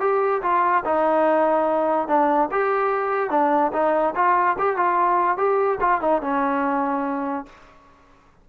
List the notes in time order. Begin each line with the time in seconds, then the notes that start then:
0.00 G4
0.42 F4
0.85 D#4
2.07 D4
2.51 G4
3.30 D4
3.72 D#4
4.15 F4
4.58 G4
4.76 F4
5.37 G4
5.80 F4
6.01 D#4
6.21 C#4